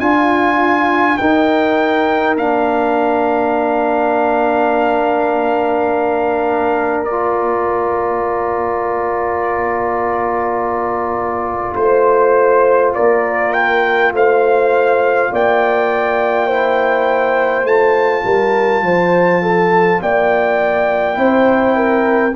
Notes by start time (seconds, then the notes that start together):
0.00 D4 F4 G#5
1.18 D#4 A#4 G5
2.36 A#3 D4 F5
7.04 D5
7.11 F4
11.76 A3 C5
12.95 A#3 A#4 D5
13.53 G5
14.12 A3 C5 F5
15.32 A#3 D5 G5
16.47 E4 C5
17.64 A3 F4 A5
18.25 G3 A#4
18.83 F3 C5
19.42 A4
20.02 A#3 D5 G5
21.14 C4 E4 C5
21.76 A#4